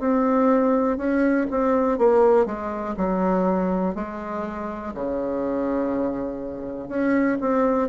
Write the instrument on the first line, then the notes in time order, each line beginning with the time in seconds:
bassoon
0.00 C4
0.97 C#4
1.51 C4
1.98 A#3
2.46 G#3
2.97 F#3
3.95 G#3
4.94 C#3
6.89 C#4
7.41 C4